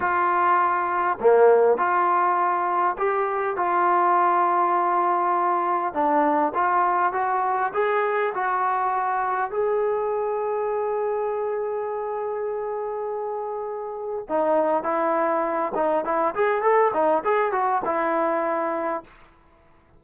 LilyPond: \new Staff \with { instrumentName = "trombone" } { \time 4/4 \tempo 4 = 101 f'2 ais4 f'4~ | f'4 g'4 f'2~ | f'2 d'4 f'4 | fis'4 gis'4 fis'2 |
gis'1~ | gis'1 | dis'4 e'4. dis'8 e'8 gis'8 | a'8 dis'8 gis'8 fis'8 e'2 | }